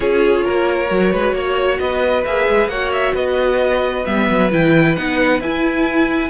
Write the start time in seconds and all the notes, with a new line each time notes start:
0.00 C#4 F4 G#4 C#5
0.44 A#3 A#4
0.88 F#3 F#4
1.12 G#3 B4
1.33 A#3 C#5
1.79 B3 B4 D#5
2.24 A#3 G#4 E5
2.48 G#3
2.67 A#3 F#4 C#5 F#5
2.92 E5
3.14 B3 B4 D#5
4.05 G3 B3 E5
4.29 F#3
4.51 E3 E4 G5
4.96 B3 D#4 F#5
5.40 E4 G#5